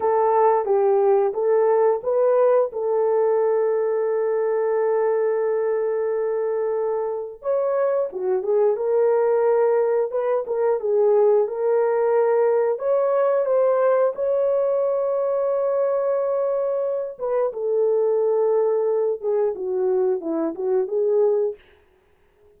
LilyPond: \new Staff \with { instrumentName = "horn" } { \time 4/4 \tempo 4 = 89 a'4 g'4 a'4 b'4 | a'1~ | a'2. cis''4 | fis'8 gis'8 ais'2 b'8 ais'8 |
gis'4 ais'2 cis''4 | c''4 cis''2.~ | cis''4. b'8 a'2~ | a'8 gis'8 fis'4 e'8 fis'8 gis'4 | }